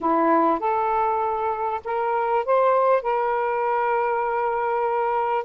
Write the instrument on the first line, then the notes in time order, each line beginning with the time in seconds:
saxophone
0.01 E4
0.59 A4
1.84 A#4
2.45 C5
3.02 A#4